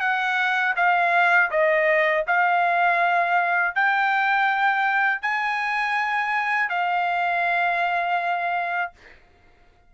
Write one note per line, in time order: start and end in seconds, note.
0.00 0.74 F#5
0.76 1.50 F5
1.51 2.25 D#5
2.27 3.75 F5
3.75 5.22 G5
5.22 6.69 G#5
6.69 8.92 F5